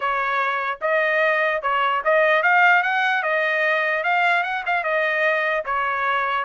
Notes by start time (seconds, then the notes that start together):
0.00 C#5
0.81 D#5
1.62 C#5
2.04 D#5
2.42 F5
2.82 F#5
3.23 D#5
4.03 F5
4.43 F#5
4.66 F5
4.83 D#5
5.65 C#5